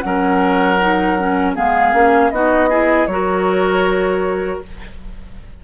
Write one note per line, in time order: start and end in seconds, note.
0.00 1.56 F#3
0.00 0.78 C#4
0.00 1.55 A#4
0.00 1.52 F#5
0.80 1.18 D#4
1.18 1.55 C#4
1.55 1.93 G#3
1.55 1.93 B3
1.55 2.31 G#4
1.55 2.30 F5
1.93 2.31 A#3
1.93 2.31 C#4
2.30 3.06 B3
2.30 2.69 D#4
2.30 2.69 F#4
2.30 3.06 D#5
2.69 3.07 E4
2.69 3.07 G#4
3.06 4.59 F#3
3.06 4.62 F#4
3.06 4.64 A#4
3.06 4.58 C#5